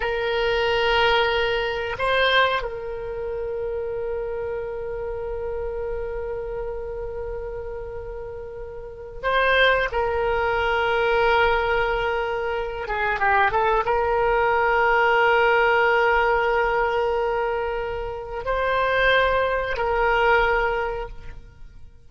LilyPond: \new Staff \with { instrumentName = "oboe" } { \time 4/4 \tempo 4 = 91 ais'2. c''4 | ais'1~ | ais'1~ | ais'2 c''4 ais'4~ |
ais'2.~ ais'8 gis'8 | g'8 a'8 ais'2.~ | ais'1 | c''2 ais'2 | }